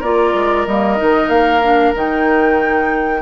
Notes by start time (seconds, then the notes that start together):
0.00 A#3 F4 A#4 D5
0.34 G#3
0.67 G3 A#3 D#5
0.97 D#3 D#4
1.29 A#3 F5
1.63 D4
1.95 D#3 D#4 G5